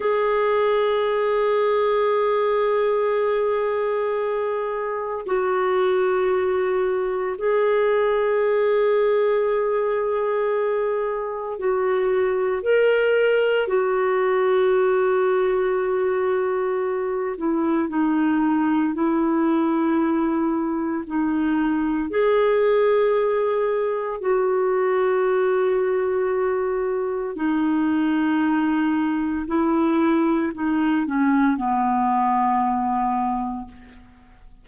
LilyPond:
\new Staff \with { instrumentName = "clarinet" } { \time 4/4 \tempo 4 = 57 gis'1~ | gis'4 fis'2 gis'4~ | gis'2. fis'4 | ais'4 fis'2.~ |
fis'8 e'8 dis'4 e'2 | dis'4 gis'2 fis'4~ | fis'2 dis'2 | e'4 dis'8 cis'8 b2 | }